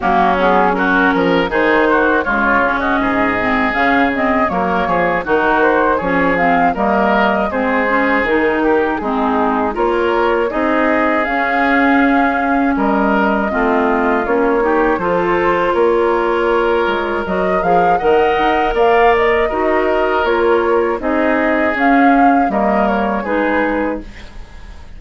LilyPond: <<
  \new Staff \with { instrumentName = "flute" } { \time 4/4 \tempo 4 = 80 fis'8 gis'8 ais'4 c''4 cis''8. dis''16~ | dis''4 f''8 dis''8 cis''4 ais'8 c''8 | cis''8 f''8 dis''4 c''4 ais'4 | gis'4 cis''4 dis''4 f''4~ |
f''4 dis''2 cis''4 | c''4 cis''2 dis''8 f''8 | fis''4 f''8 dis''4. cis''4 | dis''4 f''4 dis''8 cis''8 b'4 | }
  \new Staff \with { instrumentName = "oboe" } { \time 4/4 cis'4 fis'8 ais'8 gis'8 fis'8 f'8. fis'16 | gis'2 ais'8 gis'8 fis'4 | gis'4 ais'4 gis'4. g'8 | dis'4 ais'4 gis'2~ |
gis'4 ais'4 f'4. g'8 | a'4 ais'2. | dis''4 d''4 ais'2 | gis'2 ais'4 gis'4 | }
  \new Staff \with { instrumentName = "clarinet" } { \time 4/4 ais8 b8 cis'4 dis'4 gis8 cis'8~ | cis'8 c'8 cis'8 c'8 ais4 dis'4 | cis'8 c'8 ais4 c'8 cis'8 dis'4 | c'4 f'4 dis'4 cis'4~ |
cis'2 c'4 cis'8 dis'8 | f'2. fis'8 gis'8 | ais'2 fis'4 f'4 | dis'4 cis'4 ais4 dis'4 | }
  \new Staff \with { instrumentName = "bassoon" } { \time 4/4 fis4. f8 dis4 cis4 | gis,4 cis4 fis8 f8 dis4 | f4 g4 gis4 dis4 | gis4 ais4 c'4 cis'4~ |
cis'4 g4 a4 ais4 | f4 ais4. gis8 fis8 f8 | dis8 dis'8 ais4 dis'4 ais4 | c'4 cis'4 g4 gis4 | }
>>